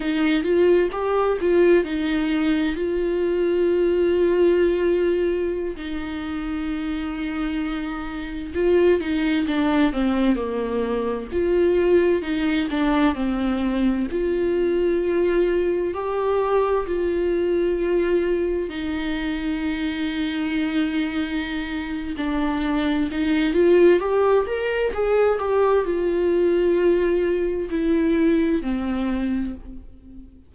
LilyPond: \new Staff \with { instrumentName = "viola" } { \time 4/4 \tempo 4 = 65 dis'8 f'8 g'8 f'8 dis'4 f'4~ | f'2~ f'16 dis'4.~ dis'16~ | dis'4~ dis'16 f'8 dis'8 d'8 c'8 ais8.~ | ais16 f'4 dis'8 d'8 c'4 f'8.~ |
f'4~ f'16 g'4 f'4.~ f'16~ | f'16 dis'2.~ dis'8. | d'4 dis'8 f'8 g'8 ais'8 gis'8 g'8 | f'2 e'4 c'4 | }